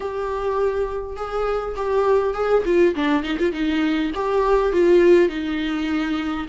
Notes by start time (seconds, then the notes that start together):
0.00 G4
1.16 G#4
1.76 G4
2.34 G#4
2.65 F4
2.95 D4
3.23 D#4
3.38 F4
3.52 D#4
4.14 G4
4.72 F4
5.28 D#4